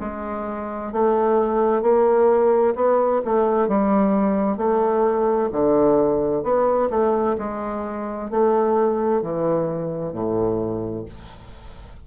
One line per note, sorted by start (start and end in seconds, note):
0.00 0.92 G#3
0.92 1.82 A3
1.82 2.74 A#3
2.75 3.21 B3
3.24 3.68 A3
3.68 4.57 G3
4.57 5.49 A3
5.52 6.43 D3
6.43 6.89 B3
6.90 7.36 A3
7.38 8.30 G#3
8.30 9.21 A3
9.21 10.13 E3
10.13 11.05 A2